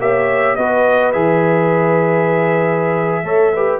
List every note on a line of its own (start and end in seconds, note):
0.00 0.57 A#3
0.00 0.58 G4
0.00 0.57 C#5
0.00 0.56 E5
0.56 1.15 B3
0.56 1.14 F#4
0.56 3.25 B4
0.56 1.12 D#5
1.13 3.24 E3
1.13 3.25 G#4
1.13 3.80 E5
3.24 3.80 A3
3.24 3.53 A4
3.24 3.53 C#5
3.54 3.80 G4
3.54 3.80 B4